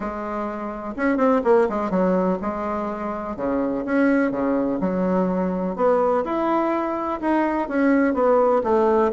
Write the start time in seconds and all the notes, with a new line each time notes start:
0.00 G#3
0.96 C#4
1.17 C4
1.44 A#3
1.69 G#3
1.90 F#3
2.41 G#3
3.36 C#3
3.85 C#4
4.31 C#3
4.80 F#3
5.76 B3
6.24 E4
7.20 D#4
7.68 C#4
8.14 B3
8.63 A3